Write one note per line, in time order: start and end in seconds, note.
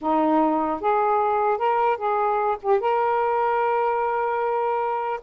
0.01 0.80 D#4
0.80 1.58 G#4
1.58 1.97 A#4
1.97 2.57 G#4
2.62 2.80 G4
2.80 5.20 A#4